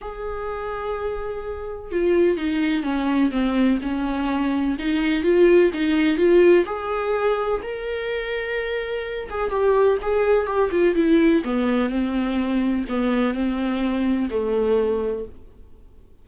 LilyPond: \new Staff \with { instrumentName = "viola" } { \time 4/4 \tempo 4 = 126 gis'1 | f'4 dis'4 cis'4 c'4 | cis'2 dis'4 f'4 | dis'4 f'4 gis'2 |
ais'2.~ ais'8 gis'8 | g'4 gis'4 g'8 f'8 e'4 | b4 c'2 b4 | c'2 a2 | }